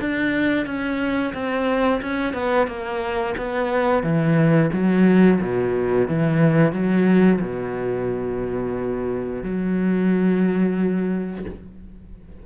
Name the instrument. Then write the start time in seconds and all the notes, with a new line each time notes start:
cello
0.00 D4
0.66 C#4
1.33 C4
2.02 C#4
2.34 B3
2.67 A#3
3.37 B3
4.03 E3
4.73 F#3
5.41 B2
6.08 E3
6.72 F#3
7.41 B2
9.43 F#3